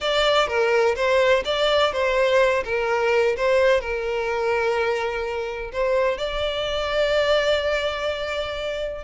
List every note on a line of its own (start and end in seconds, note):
0.00 0.47 D5
0.47 0.95 A#4
0.95 1.43 C5
1.44 1.92 D5
1.92 2.63 C5
2.64 3.35 A#4
3.36 3.80 C5
3.80 5.71 A#4
5.72 6.18 C5
6.18 9.03 D5